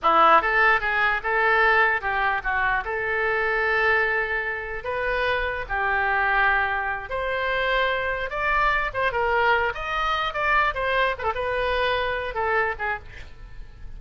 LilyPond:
\new Staff \with { instrumentName = "oboe" } { \time 4/4 \tempo 4 = 148 e'4 a'4 gis'4 a'4~ | a'4 g'4 fis'4 a'4~ | a'1 | b'2 g'2~ |
g'4. c''2~ c''8~ | c''8 d''4. c''8 ais'4. | dis''4. d''4 c''4 b'16 a'16 | b'2~ b'8 a'4 gis'8 | }